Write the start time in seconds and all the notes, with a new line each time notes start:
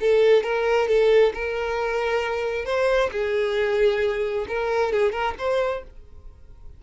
0.00 A4
0.43 A#4
0.88 A4
1.34 A#4
2.65 C5
3.11 G#4
4.48 A#4
4.92 G#4
5.12 A#4
5.38 C5